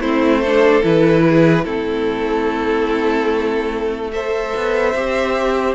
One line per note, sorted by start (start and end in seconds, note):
0.00 0.82 A3
0.00 0.44 C4
0.00 0.42 E4
0.00 0.83 C5
0.42 0.83 D4
0.42 1.24 A4
0.83 1.66 E3
0.83 1.65 E4
0.83 1.65 B4
1.29 1.65 G#4
1.65 4.53 A3
1.65 4.12 C4
1.65 4.12 E4
1.65 4.12 A4
4.13 4.95 A4
4.13 5.75 C5
4.13 5.75 E5
4.56 4.95 B3
4.95 5.75 C4
4.95 5.75 G4